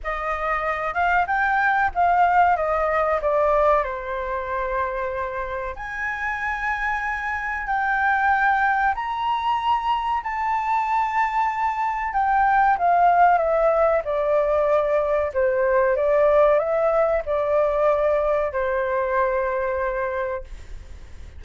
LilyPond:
\new Staff \with { instrumentName = "flute" } { \time 4/4 \tempo 4 = 94 dis''4. f''8 g''4 f''4 | dis''4 d''4 c''2~ | c''4 gis''2. | g''2 ais''2 |
a''2. g''4 | f''4 e''4 d''2 | c''4 d''4 e''4 d''4~ | d''4 c''2. | }